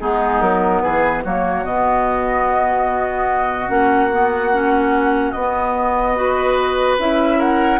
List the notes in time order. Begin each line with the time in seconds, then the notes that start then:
0.00 G#3 B3 D#4 G#4
0.40 F#3 A#4
0.80 E3 G#4 B4
1.23 F#3 A#3 F#4 C#5
1.64 B2 B3 D#5
3.68 A#3 C#4 F#5
4.11 B3
4.52 C#4
5.31 B3 D#5
6.15 F#4 B4
6.98 C#4 E4 E5
7.38 A#4 F#5